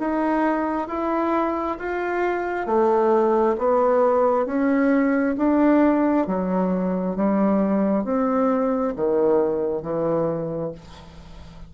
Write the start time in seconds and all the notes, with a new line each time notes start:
0.00 D#4
0.88 E4
1.79 F4
2.67 A3
3.59 B3
4.46 C#4
5.38 D4
6.27 F#3
7.16 G3
8.05 C4
8.96 D#3
9.83 E3